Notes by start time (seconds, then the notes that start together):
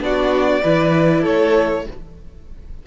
0.00 B3 D4 F#4 D5
0.63 E3 E4 B4
1.21 A3 A4 C#5